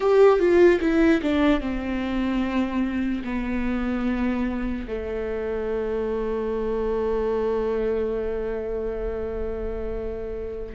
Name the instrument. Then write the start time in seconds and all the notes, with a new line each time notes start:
viola
0.00 G4
0.39 F4
0.80 E4
1.22 D4
1.60 C4
3.24 B3
4.87 A3